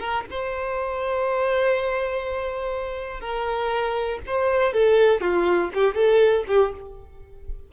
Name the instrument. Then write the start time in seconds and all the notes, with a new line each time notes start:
violin
0.00 A#4
0.31 C5
3.21 A#4
4.27 C5
4.74 A4
5.21 F4
5.75 G4
5.95 A4
6.48 G4